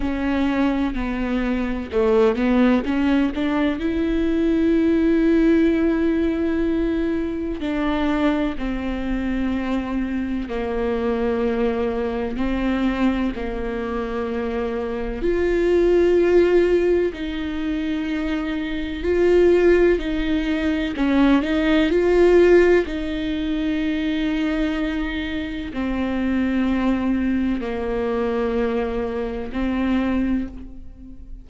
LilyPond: \new Staff \with { instrumentName = "viola" } { \time 4/4 \tempo 4 = 63 cis'4 b4 a8 b8 cis'8 d'8 | e'1 | d'4 c'2 ais4~ | ais4 c'4 ais2 |
f'2 dis'2 | f'4 dis'4 cis'8 dis'8 f'4 | dis'2. c'4~ | c'4 ais2 c'4 | }